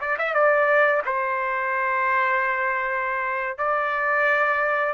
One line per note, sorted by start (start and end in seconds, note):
0.00 0.17 D5
0.18 0.34 E5
0.34 1.02 D5
1.05 3.58 C5
3.58 4.93 D5